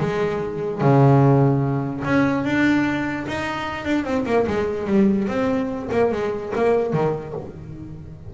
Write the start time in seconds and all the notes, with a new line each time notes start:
0.00 G#3
0.81 C#3
2.05 C#4
2.44 D4
3.28 D#4
3.85 D4
4.05 C4
4.26 A#3
4.47 G#3
4.87 G3
5.28 C4
5.91 A#3
6.12 G#3
6.55 A#3
6.93 D#3